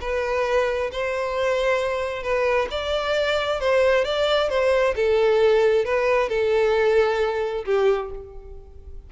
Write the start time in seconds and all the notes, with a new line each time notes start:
0.00 B4
0.91 C5
2.22 B4
2.70 D5
3.60 C5
4.04 D5
4.49 C5
4.95 A4
5.85 B4
6.29 A4
7.65 G4